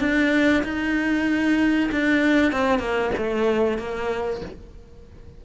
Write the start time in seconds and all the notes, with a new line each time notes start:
0.00 D4
0.63 D#4
1.91 D4
2.52 C4
2.79 A#3
3.17 A3
3.78 A#3